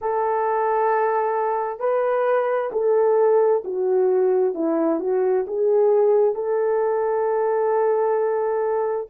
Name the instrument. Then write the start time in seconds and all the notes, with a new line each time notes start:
horn
0.01 A4
1.79 B4
2.72 A4
3.64 F#4
4.54 E4
5.00 F#4
5.47 G#4
6.34 A4